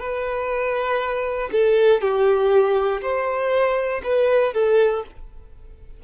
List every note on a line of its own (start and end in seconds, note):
0.00 1.50 B4
1.53 2.02 A4
2.02 3.02 G4
3.02 4.02 C5
4.04 4.54 B4
4.54 5.04 A4